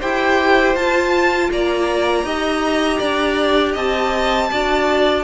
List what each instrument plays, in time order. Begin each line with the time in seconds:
0.00 cello E4, viola G4, violin C5 G5
0.75 cello F4, viola F4, violin A5
1.52 cello A#3, violin D5 A#5
2.24 cello D#4, viola G4, violin D#5
2.99 cello D4, violin D5
3.73 cello C4, violin D#5 A5
4.52 cello D4, viola F#4, violin D5